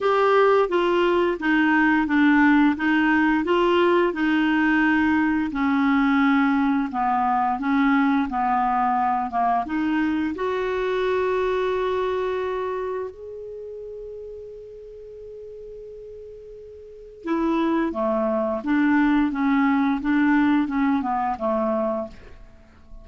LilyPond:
\new Staff \with { instrumentName = "clarinet" } { \time 4/4 \tempo 4 = 87 g'4 f'4 dis'4 d'4 | dis'4 f'4 dis'2 | cis'2 b4 cis'4 | b4. ais8 dis'4 fis'4~ |
fis'2. gis'4~ | gis'1~ | gis'4 e'4 a4 d'4 | cis'4 d'4 cis'8 b8 a4 | }